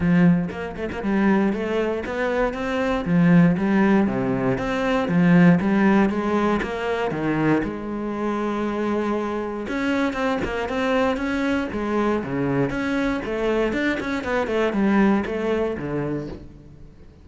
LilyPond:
\new Staff \with { instrumentName = "cello" } { \time 4/4 \tempo 4 = 118 f4 ais8 a16 ais16 g4 a4 | b4 c'4 f4 g4 | c4 c'4 f4 g4 | gis4 ais4 dis4 gis4~ |
gis2. cis'4 | c'8 ais8 c'4 cis'4 gis4 | cis4 cis'4 a4 d'8 cis'8 | b8 a8 g4 a4 d4 | }